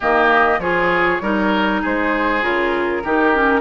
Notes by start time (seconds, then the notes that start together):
0.00 D#3 A#3 G4 D#5
0.58 F3 F4 G#4 C#5
1.20 G3 D#4 A#4
1.81 G#3 G#4 C5
2.42 C#3 F4 A#4
3.04 D#3 D#4 G4
3.34 C#4